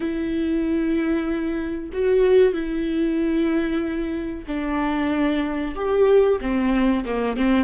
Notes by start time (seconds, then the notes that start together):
0.00 E4
1.92 F#4
2.53 E4
4.47 D4
5.75 G4
6.41 C4
7.05 A#3
7.36 C4